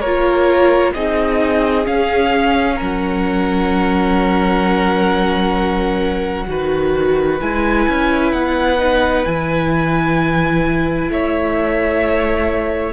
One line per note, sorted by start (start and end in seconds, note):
0.00 0.94 A#3
0.00 0.95 F4
0.00 0.92 A#4
0.00 0.93 C#5
0.94 1.87 C4
0.94 1.85 D#4
0.94 2.76 G#4
0.94 1.86 D#5
1.85 6.46 C#4
1.85 2.80 C#4
1.85 2.79 F5
2.76 6.48 F#3
2.76 6.45 A#4
2.83 7.40 F#5
6.48 7.40 D#3
6.48 7.40 F#4
6.48 11.12 B4
7.40 7.88 G#3
7.40 8.79 E4
7.40 8.32 G#5
7.89 8.33 C#4
8.32 9.25 B3
8.32 9.25 F#5
8.79 9.25 D#4
9.25 11.10 E3
9.25 12.93 E4
9.25 11.10 G#5
11.10 12.93 A3
11.10 12.93 C#5
11.10 12.93 E5